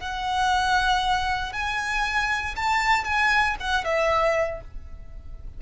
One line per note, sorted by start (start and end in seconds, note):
0.00 1.53 F#5
1.53 2.55 G#5
2.56 3.05 A5
3.05 3.56 G#5
3.60 3.84 F#5
3.84 4.61 E5